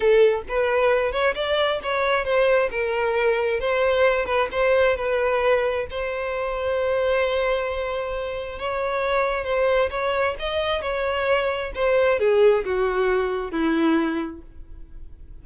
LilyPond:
\new Staff \with { instrumentName = "violin" } { \time 4/4 \tempo 4 = 133 a'4 b'4. cis''8 d''4 | cis''4 c''4 ais'2 | c''4. b'8 c''4 b'4~ | b'4 c''2.~ |
c''2. cis''4~ | cis''4 c''4 cis''4 dis''4 | cis''2 c''4 gis'4 | fis'2 e'2 | }